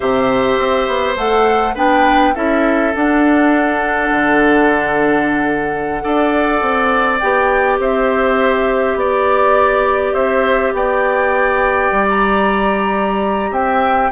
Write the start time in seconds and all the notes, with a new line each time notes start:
0.00 C3 G4 C5 E5
0.58 C4
0.87 B3
1.16 A3 A4 F#5
1.75 B3 D4 B4 G5
2.34 C#4 E4 A4 E5
2.94 D4 F#5
4.11 D3
6.01 D4 A4 D5
6.61 C4
7.18 B3 G4 G5
7.78 C4 C5 E5
8.95 B3 D5
10.13 C4 C5 E5
10.73 B3 D5 G5
11.91 G3
12.09 A#5
13.50 C4 E5 G5